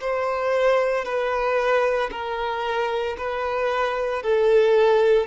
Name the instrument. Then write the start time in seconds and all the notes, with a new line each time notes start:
violin
0.00 C5
1.04 B4
2.11 A#4
3.17 B4
4.22 A4